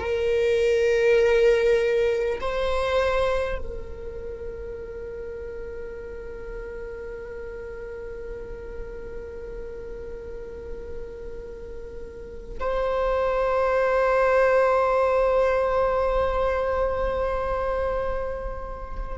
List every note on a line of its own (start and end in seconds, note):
0.00 2.40 A#4
2.41 3.59 C5
3.59 12.59 A#4
12.61 19.18 C5